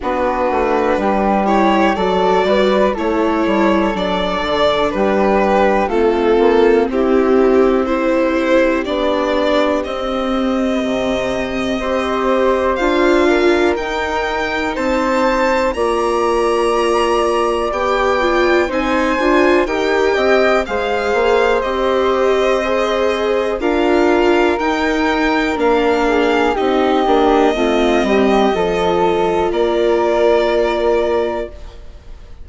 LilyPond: <<
  \new Staff \with { instrumentName = "violin" } { \time 4/4 \tempo 4 = 61 b'4. cis''8 d''4 cis''4 | d''4 b'4 a'4 g'4 | c''4 d''4 dis''2~ | dis''4 f''4 g''4 a''4 |
ais''2 g''4 gis''4 | g''4 f''4 dis''2 | f''4 g''4 f''4 dis''4~ | dis''2 d''2 | }
  \new Staff \with { instrumentName = "flute" } { \time 4/4 fis'4 g'4 a'8 b'8 a'4~ | a'4 g'4 f'4 e'4 | g'1 | c''4. ais'4. c''4 |
d''2. c''4 | ais'8 dis''8 c''2. | ais'2~ ais'8 gis'8 g'4 | f'8 g'8 a'4 ais'2 | }
  \new Staff \with { instrumentName = "viola" } { \time 4/4 d'4. e'8 fis'4 e'4 | d'2 c'2 | e'4 d'4 c'2 | g'4 f'4 dis'2 |
f'2 g'8 f'8 dis'8 f'8 | g'4 gis'4 g'4 gis'4 | f'4 dis'4 d'4 dis'8 d'8 | c'4 f'2. | }
  \new Staff \with { instrumentName = "bassoon" } { \time 4/4 b8 a8 g4 fis8 g8 a8 g8 | fis8 d8 g4 a8 ais8 c'4~ | c'4 b4 c'4 c4 | c'4 d'4 dis'4 c'4 |
ais2 b4 c'8 d'8 | dis'8 c'8 gis8 ais8 c'2 | d'4 dis'4 ais4 c'8 ais8 | a8 g8 f4 ais2 | }
>>